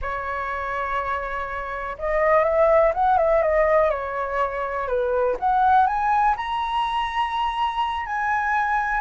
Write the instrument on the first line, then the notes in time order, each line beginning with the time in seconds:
flute
0.01 C#5
1.98 D#5
2.44 E5
2.94 F#5
3.17 E5
3.42 D#5
3.90 C#5
4.87 B4
5.39 F#5
5.86 G#5
6.36 A#5
8.06 G#5